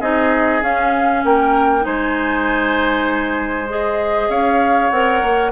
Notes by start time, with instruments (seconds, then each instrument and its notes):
0.00 bassoon C4, clarinet D#4, oboe G#4, flute D#5
0.62 bassoon C#4, clarinet C#4, flute F5
1.25 bassoon A#3, oboe A#4, flute G5
1.81 bassoon G#3, clarinet D#4, oboe C5, flute G#5
3.70 clarinet G#4, flute D#5
4.29 bassoon C#4, oboe C#5, flute F5
4.90 bassoon C4, clarinet A#4, flute F#5
5.22 bassoon A#3